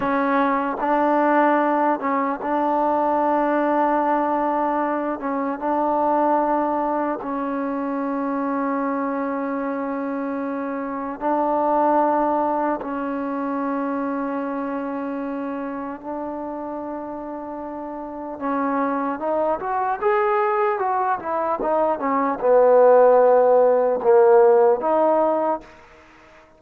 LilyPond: \new Staff \with { instrumentName = "trombone" } { \time 4/4 \tempo 4 = 75 cis'4 d'4. cis'8 d'4~ | d'2~ d'8 cis'8 d'4~ | d'4 cis'2.~ | cis'2 d'2 |
cis'1 | d'2. cis'4 | dis'8 fis'8 gis'4 fis'8 e'8 dis'8 cis'8 | b2 ais4 dis'4 | }